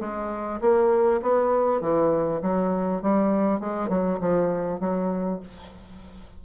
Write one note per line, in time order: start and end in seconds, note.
0.00 0.60 G#3
0.61 1.21 A#3
1.22 1.81 B3
1.81 2.41 E3
2.42 3.02 F#3
3.02 3.60 G3
3.60 3.89 G#3
3.89 4.19 F#3
4.21 4.80 F3
4.80 5.40 F#3